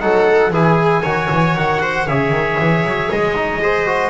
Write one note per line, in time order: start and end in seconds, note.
0.00 0.50 F#3
0.00 0.51 D#4
0.00 0.51 A4
0.00 0.51 F#5
0.50 1.01 E3
0.50 1.03 E4
0.50 1.02 G#4
0.50 1.56 G#5
1.02 1.28 D#3
1.02 2.07 F#4
1.02 1.79 C#5
1.31 1.55 E3
1.55 2.06 D#3
1.55 2.08 F#5
1.81 2.06 C5
2.06 2.30 C#3
2.06 3.35 G#4
2.06 3.60 C#5
2.06 3.10 E5
2.30 2.56 D#3
2.59 2.83 E3
2.83 3.09 F#3
3.10 4.10 G#3
3.10 4.10 D#5
3.35 3.60 D#4
3.61 3.86 G#4
3.61 4.10 C5
3.86 4.10 F#4